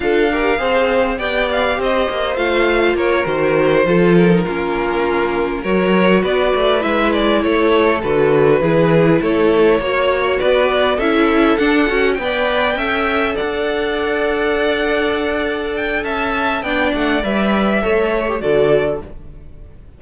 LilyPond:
<<
  \new Staff \with { instrumentName = "violin" } { \time 4/4 \tempo 4 = 101 f''2 g''8 f''8 dis''4 | f''4 cis''8 c''4. ais'4~ | ais'4. cis''4 d''4 e''8 | d''8 cis''4 b'2 cis''8~ |
cis''4. d''4 e''4 fis''8~ | fis''8 g''2 fis''4.~ | fis''2~ fis''8 g''8 a''4 | g''8 fis''8 e''2 d''4 | }
  \new Staff \with { instrumentName = "violin" } { \time 4/4 a'8 ais'8 c''4 d''4 c''4~ | c''4 ais'4. a'4 f'8~ | f'4. ais'4 b'4.~ | b'8 a'2 gis'4 a'8~ |
a'8 cis''4 b'4 a'4.~ | a'8 d''4 e''4 d''4.~ | d''2. e''4 | d''2 cis''4 a'4 | }
  \new Staff \with { instrumentName = "viola" } { \time 4/4 f'8 g'8 gis'4 g'2 | f'4. fis'4 f'8. dis'16 cis'8~ | cis'4. fis'2 e'8~ | e'4. fis'4 e'4.~ |
e'8 fis'2 e'4 d'8 | fis'8 b'4 a'2~ a'8~ | a'1 | d'4 b'4 a'8. g'16 fis'4 | }
  \new Staff \with { instrumentName = "cello" } { \time 4/4 d'4 c'4 b4 c'8 ais8 | a4 ais8 dis4 f4 ais8~ | ais4. fis4 b8 a8 gis8~ | gis8 a4 d4 e4 a8~ |
a8 ais4 b4 cis'4 d'8 | cis'8 b4 cis'4 d'4.~ | d'2. cis'4 | b8 a8 g4 a4 d4 | }
>>